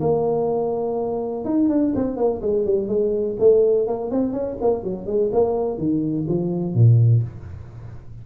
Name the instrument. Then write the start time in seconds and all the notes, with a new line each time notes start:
tuba
0.00 A#3
1.45 D#4
1.69 D4
1.95 C4
2.16 A#3
2.41 G#3
2.65 G3
2.88 G#3
3.39 A3
3.87 A#3
4.10 C4
4.32 C#4
4.61 A#3
4.83 F#3
5.06 G#3
5.32 A#3
5.78 D#3
6.27 F3
6.74 A#2